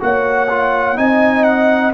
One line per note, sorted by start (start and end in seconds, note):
0.00 0.97 A#3
0.00 0.48 F#4
0.00 0.99 C#5
0.00 0.98 F#5
0.50 0.96 F4
0.96 1.94 C4
0.96 1.93 D#4
0.96 1.94 D#5
0.96 1.44 G#5
1.44 1.92 F#5